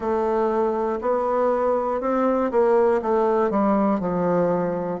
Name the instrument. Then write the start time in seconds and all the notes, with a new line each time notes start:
bassoon
0.00 A3
1.00 B3
2.00 C4
2.51 A#3
3.01 A3
3.50 G3
4.00 F3